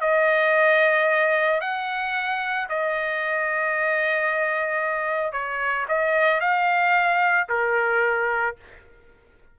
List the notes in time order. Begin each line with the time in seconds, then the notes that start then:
0.00 D#5
1.60 F#5
2.69 D#5
5.32 C#5
5.88 D#5
6.40 F5
7.49 A#4